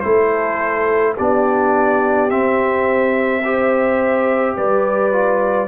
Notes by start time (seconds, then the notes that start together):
0.00 A3 E4 A4 C5
1.16 B3 D4 G4 D5
2.29 C4 E5
3.44 G4 C5
4.55 G3 B4 D5
5.12 F4